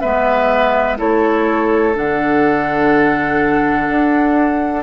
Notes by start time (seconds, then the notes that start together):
0.00 G#3 B3 B4 E5
0.97 A3 E4 A4 C#5
1.94 D3 D4 F#5
3.89 D4